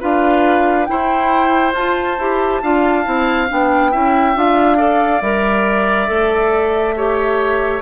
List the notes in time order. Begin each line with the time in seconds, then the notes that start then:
0.00 D4 F4 B4 F5
0.85 E4 C5 G5
1.73 F4 A5
2.18 E4 G4
2.62 D4 F4 F5
3.04 C4 E4
3.48 B3 D4 G5
3.91 C#4 E4 E5
4.34 D4 F4 F5
4.77 A4 D5
5.21 G3 A#4 E5
6.07 A3 A4
6.96 G4 C#5